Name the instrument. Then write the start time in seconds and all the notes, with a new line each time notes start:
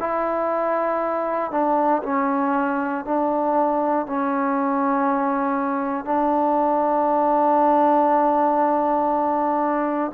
trombone
0.00 E4
1.51 D4
2.03 C#4
3.05 D4
4.07 C#4
6.05 D4